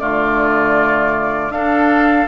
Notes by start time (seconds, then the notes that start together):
0.00 D3 A3 F4 D5
1.50 D4 A4 F5